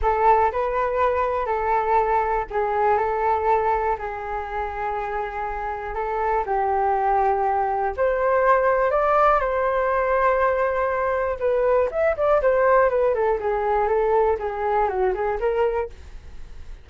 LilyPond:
\new Staff \with { instrumentName = "flute" } { \time 4/4 \tempo 4 = 121 a'4 b'2 a'4~ | a'4 gis'4 a'2 | gis'1 | a'4 g'2. |
c''2 d''4 c''4~ | c''2. b'4 | e''8 d''8 c''4 b'8 a'8 gis'4 | a'4 gis'4 fis'8 gis'8 ais'4 | }